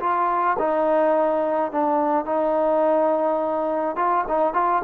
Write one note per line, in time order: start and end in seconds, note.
0.00 0.57 F4
0.59 1.72 D#4
1.72 2.25 D4
2.25 3.96 D#4
3.96 4.25 F4
4.28 4.54 D#4
4.54 4.82 F4